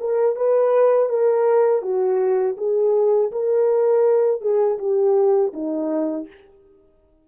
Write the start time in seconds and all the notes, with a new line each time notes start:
0.00 A#4
0.36 B4
1.09 A#4
1.82 F#4
2.57 G#4
3.31 A#4
4.41 G#4
4.78 G4
5.53 D#4